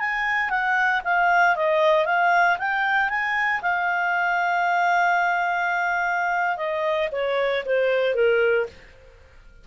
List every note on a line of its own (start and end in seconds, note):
0.00 0.50 G#5
0.50 1.02 F#5
1.05 1.56 F5
1.56 2.06 D#5
2.06 2.58 F5
2.59 3.10 G5
3.10 3.62 G#5
3.63 6.58 F5
6.58 7.09 D#5
7.12 7.64 C#5
7.66 8.15 C5
8.15 8.67 A#4